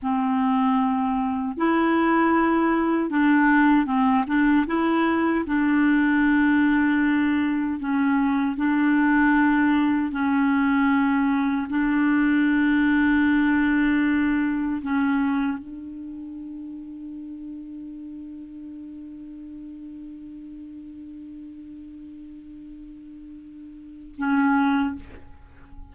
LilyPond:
\new Staff \with { instrumentName = "clarinet" } { \time 4/4 \tempo 4 = 77 c'2 e'2 | d'4 c'8 d'8 e'4 d'4~ | d'2 cis'4 d'4~ | d'4 cis'2 d'4~ |
d'2. cis'4 | d'1~ | d'1~ | d'2. cis'4 | }